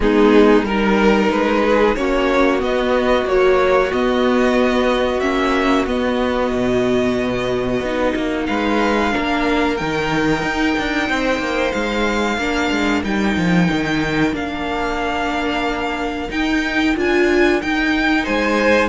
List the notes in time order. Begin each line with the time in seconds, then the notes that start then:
0.00 G#3 B3 D#4 G#4
0.63 G3 D#4 A#4
1.30 G#3 B4
1.64 G#4
1.95 A#3 C#4 F#4 C#5
2.59 B3 D#5
3.25 F#3 A#3 C#5
3.92 B3 D#5
5.20 A#3 C#4 E5
5.86 B3 D#5
6.52 B2
7.80 B3 D#4
8.15 A#3
8.46 G#3 B4 F5
9.11 A#3 D4 A#4
9.76 D#3 D#4 G5
10.42 D#4
10.78 D4
11.09 C4 C5
11.38 A#3
11.72 G#3 F5
12.37 A#3 D4 A#4
12.70 G#3
13.03 G3 D#4 G5
13.37 F3
13.71 D#3
14.33 A#3 D4 F5
16.29 D#4 G5
16.96 D4 F4 G#5
17.61 D#4 G5
18.24 G#3 C5 G#5